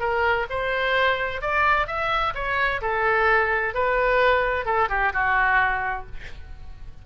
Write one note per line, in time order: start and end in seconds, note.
0.00 0.47 A#4
0.50 1.41 C5
1.41 1.87 D5
1.87 2.34 E5
2.35 2.81 C#5
2.82 3.74 A4
3.74 4.66 B4
4.66 4.89 A4
4.89 5.13 G4
5.13 6.06 F#4